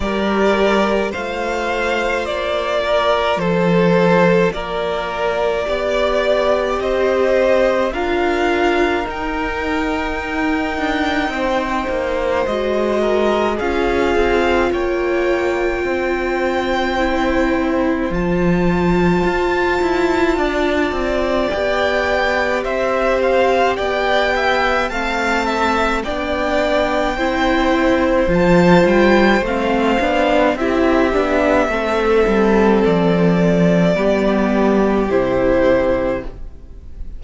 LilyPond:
<<
  \new Staff \with { instrumentName = "violin" } { \time 4/4 \tempo 4 = 53 d''4 f''4 d''4 c''4 | d''2 dis''4 f''4 | g''2. dis''4 | f''4 g''2. |
a''2. g''4 | e''8 f''8 g''4 a''4 g''4~ | g''4 a''8 g''8 f''4 e''4~ | e''4 d''2 c''4 | }
  \new Staff \with { instrumentName = "violin" } { \time 4/4 ais'4 c''4. ais'8 a'4 | ais'4 d''4 c''4 ais'4~ | ais'2 c''4. ais'8 | gis'4 cis''4 c''2~ |
c''2 d''2 | c''4 d''8 e''8 f''8 e''8 d''4 | c''2. g'4 | a'2 g'2 | }
  \new Staff \with { instrumentName = "viola" } { \time 4/4 g'4 f'2.~ | f'4 g'2 f'4 | dis'2. fis'4 | f'2. e'4 |
f'2. g'4~ | g'2 c'4 d'4 | e'4 f'4 c'8 d'8 e'8 d'8 | c'2 b4 e'4 | }
  \new Staff \with { instrumentName = "cello" } { \time 4/4 g4 a4 ais4 f4 | ais4 b4 c'4 d'4 | dis'4. d'8 c'8 ais8 gis4 | cis'8 c'8 ais4 c'2 |
f4 f'8 e'8 d'8 c'8 b4 | c'4 b4 a4 b4 | c'4 f8 g8 a8 b8 c'8 b8 | a8 g8 f4 g4 c4 | }
>>